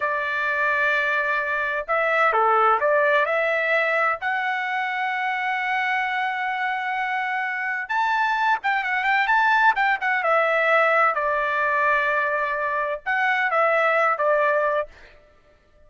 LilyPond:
\new Staff \with { instrumentName = "trumpet" } { \time 4/4 \tempo 4 = 129 d''1 | e''4 a'4 d''4 e''4~ | e''4 fis''2.~ | fis''1~ |
fis''4 a''4. g''8 fis''8 g''8 | a''4 g''8 fis''8 e''2 | d''1 | fis''4 e''4. d''4. | }